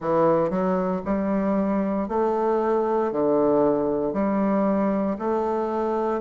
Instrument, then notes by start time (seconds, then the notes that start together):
bassoon
0.00 E3
0.49 F#3
1.05 G3
2.08 A3
3.11 D3
4.13 G3
5.18 A3